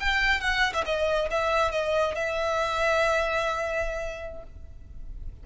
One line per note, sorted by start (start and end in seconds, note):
0.00 0.40 G5
0.40 0.73 F#5
0.74 0.84 E5
0.85 1.29 D#5
1.30 1.72 E5
1.72 2.15 D#5
2.15 4.43 E5